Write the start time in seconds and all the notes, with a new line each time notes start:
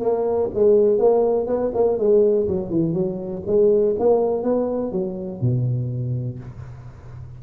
0.00 A#3
0.54 G#3
0.98 A#3
1.47 B3
1.74 A#3
1.98 G#3
2.47 F#3
2.70 E3
2.93 F#3
3.46 G#3
3.99 A#3
4.43 B3
4.92 F#3
5.41 B2